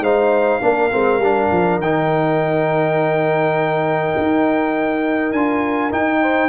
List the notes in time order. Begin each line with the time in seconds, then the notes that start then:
0.00 G#3 D#4 C5 F5
0.61 A#3 D4 A#4
0.91 G#3 C4
1.18 G3 D4
1.51 F3
1.77 D#3 G5
1.84 D#4
4.17 D#4
5.32 D4 F4 G#5
5.91 D#4 G5
6.21 C5